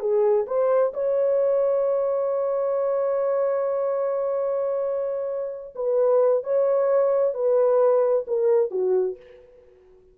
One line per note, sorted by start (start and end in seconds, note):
0.00 0.46 G#4
0.47 0.93 C5
0.94 5.75 C#5
5.75 6.44 B4
6.44 7.34 C#5
7.34 8.26 B4
8.27 8.71 A#4
8.71 9.17 F#4